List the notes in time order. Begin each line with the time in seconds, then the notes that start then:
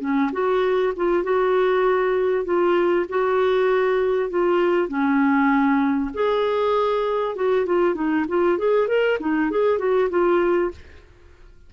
0.00 C#4
0.32 F#4
0.96 F4
1.24 F#4
2.44 F4
3.09 F#4
4.30 F4
4.88 C#4
6.14 G#4
7.36 F#4
7.66 F4
7.95 D#4
8.28 F4
8.58 G#4
8.88 A#4
9.20 D#4
9.50 G#4
9.78 F#4
10.10 F4